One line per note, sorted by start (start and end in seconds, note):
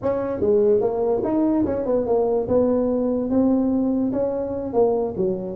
0.02 0.40 C#4
0.40 0.80 G#3
0.80 1.21 A#3
1.24 1.65 D#4
1.65 1.85 C#4
1.85 2.06 B3
2.06 2.47 A#3
2.48 3.30 B3
3.30 4.12 C4
4.12 4.73 C#4
4.73 5.14 A#3
5.16 5.56 F#3